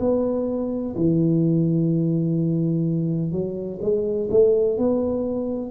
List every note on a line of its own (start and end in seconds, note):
0.00 0.95 B3
0.96 3.32 E3
3.32 3.80 F#3
3.82 4.29 G#3
4.31 4.78 A3
4.78 5.71 B3